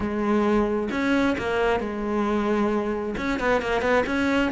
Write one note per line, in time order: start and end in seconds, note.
0.00 0.89 G#3
0.91 1.36 C#4
1.38 1.79 A#3
1.79 3.15 G#3
3.17 3.39 C#4
3.39 3.61 B3
3.61 3.81 A#3
3.81 4.04 B3
4.06 4.51 C#4